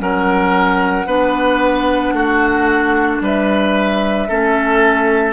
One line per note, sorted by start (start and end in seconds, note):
0.00 1.06 F#3
0.00 1.07 C#4
0.00 1.07 A#4
0.00 3.23 F#5
1.06 2.13 B3
1.06 4.29 D4
1.06 2.14 B4
2.13 3.20 A3
2.13 3.23 F#4
3.21 4.28 G3
3.21 4.29 B4
3.21 5.33 E5
4.29 5.33 A3
4.29 5.33 C#4
4.29 5.33 A4